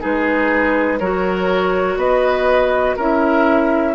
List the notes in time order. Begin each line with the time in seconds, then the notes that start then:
0.00 G#3 D#4 G#4 B4
0.99 F#3 F#4 A#4 C#5
1.97 B3 B4 D#5
2.97 C#4 E4 A#4 E5